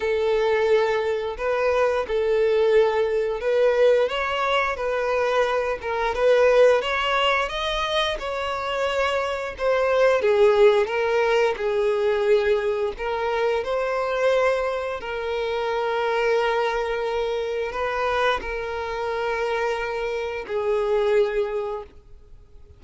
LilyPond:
\new Staff \with { instrumentName = "violin" } { \time 4/4 \tempo 4 = 88 a'2 b'4 a'4~ | a'4 b'4 cis''4 b'4~ | b'8 ais'8 b'4 cis''4 dis''4 | cis''2 c''4 gis'4 |
ais'4 gis'2 ais'4 | c''2 ais'2~ | ais'2 b'4 ais'4~ | ais'2 gis'2 | }